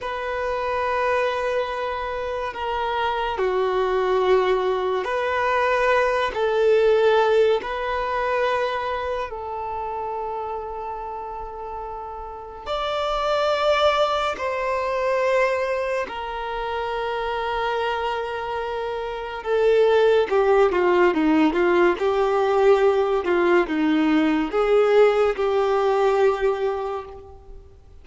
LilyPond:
\new Staff \with { instrumentName = "violin" } { \time 4/4 \tempo 4 = 71 b'2. ais'4 | fis'2 b'4. a'8~ | a'4 b'2 a'4~ | a'2. d''4~ |
d''4 c''2 ais'4~ | ais'2. a'4 | g'8 f'8 dis'8 f'8 g'4. f'8 | dis'4 gis'4 g'2 | }